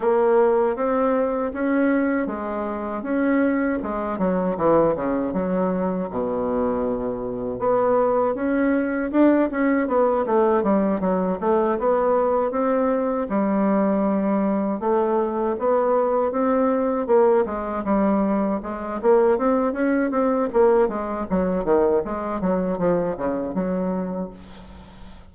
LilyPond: \new Staff \with { instrumentName = "bassoon" } { \time 4/4 \tempo 4 = 79 ais4 c'4 cis'4 gis4 | cis'4 gis8 fis8 e8 cis8 fis4 | b,2 b4 cis'4 | d'8 cis'8 b8 a8 g8 fis8 a8 b8~ |
b8 c'4 g2 a8~ | a8 b4 c'4 ais8 gis8 g8~ | g8 gis8 ais8 c'8 cis'8 c'8 ais8 gis8 | fis8 dis8 gis8 fis8 f8 cis8 fis4 | }